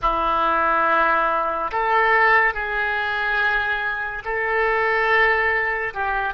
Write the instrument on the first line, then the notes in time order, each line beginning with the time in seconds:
oboe
0.02 E4
1.71 A4
2.54 G#4
4.24 A4
5.93 G4